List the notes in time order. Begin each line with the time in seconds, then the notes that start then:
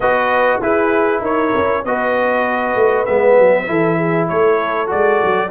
0.00 B3 F#4 B4 D#5
0.61 E4 G#4 B4
1.20 D#4 A#4 C#5
1.55 C#4
1.84 B3 F#4 B4 D#5
2.75 A3
3.05 G#3 B3 E5
3.38 F#3
3.66 E3 E4 A4
3.96 G#4
4.28 A3 A4 C#5
4.86 G#3 F#4 D5
5.23 F#3